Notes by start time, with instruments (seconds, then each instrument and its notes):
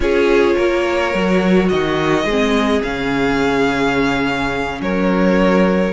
0.00 cello C#4, viola F4, violin G#4 C#5
0.55 cello A#3, violin A#4
1.14 cello F#3, viola F#4
1.68 cello D#3, violin F#4 D#5
2.24 cello G#3, viola C4, violin G#4
2.83 cello C#3, viola C#4, violin F5
4.80 cello F#3, violin A#4 C#5